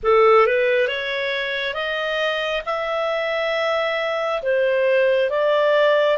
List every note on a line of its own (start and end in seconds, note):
0.03 0.46 A4
0.46 0.87 B4
0.87 1.74 C#5
1.74 2.62 D#5
2.65 4.42 E5
4.42 5.29 C5
5.29 6.17 D5